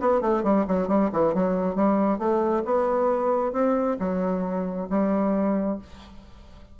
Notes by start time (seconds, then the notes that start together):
0.00 B3
0.21 A3
0.43 G3
0.67 F#3
0.88 G3
1.12 E3
1.34 F#3
1.76 G3
2.19 A3
2.65 B3
3.53 C4
4.00 F#3
4.90 G3